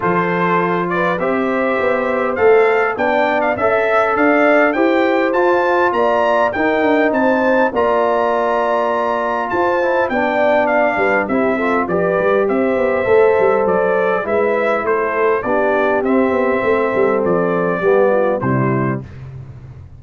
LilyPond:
<<
  \new Staff \with { instrumentName = "trumpet" } { \time 4/4 \tempo 4 = 101 c''4. d''8 e''2 | f''4 g''8. f''16 e''4 f''4 | g''4 a''4 ais''4 g''4 | a''4 ais''2. |
a''4 g''4 f''4 e''4 | d''4 e''2 d''4 | e''4 c''4 d''4 e''4~ | e''4 d''2 c''4 | }
  \new Staff \with { instrumentName = "horn" } { \time 4/4 a'4. b'8 c''2~ | c''4 d''4 e''4 d''4 | c''2 d''4 ais'4 | c''4 d''2. |
c''4 d''4. b'8 g'8 a'8 | b'4 c''2. | b'4 a'4 g'2 | a'2 g'8 f'8 e'4 | }
  \new Staff \with { instrumentName = "trombone" } { \time 4/4 f'2 g'2 | a'4 d'4 a'2 | g'4 f'2 dis'4~ | dis'4 f'2.~ |
f'8 e'8 d'2 e'8 f'8 | g'2 a'2 | e'2 d'4 c'4~ | c'2 b4 g4 | }
  \new Staff \with { instrumentName = "tuba" } { \time 4/4 f2 c'4 b4 | a4 b4 cis'4 d'4 | e'4 f'4 ais4 dis'8 d'8 | c'4 ais2. |
f'4 b4. g8 c'4 | f8 g8 c'8 b8 a8 g8 fis4 | gis4 a4 b4 c'8 b8 | a8 g8 f4 g4 c4 | }
>>